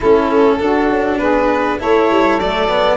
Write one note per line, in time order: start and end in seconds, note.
0.00 0.61 A3
0.00 0.59 C#4
0.00 0.55 E4
0.00 1.18 A4
0.59 1.79 D4
0.59 0.89 D4
0.59 1.20 F#4
0.89 1.19 C#4
1.18 1.79 B3
1.18 1.78 G#4
1.18 1.78 B4
1.78 2.10 A3
1.78 2.39 E4
1.78 2.96 A4
1.78 2.39 C#5
2.10 2.38 G3
2.38 2.96 F#3
2.38 2.68 A3
2.38 2.96 D5
2.68 2.96 B3